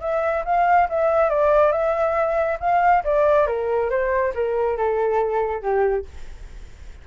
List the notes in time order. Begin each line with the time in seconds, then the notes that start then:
0.00 E5
0.45 F5
0.89 E5
1.29 D5
1.71 E5
2.60 F5
3.04 D5
3.46 A#4
3.90 C5
4.34 A#4
4.77 A4
5.62 G4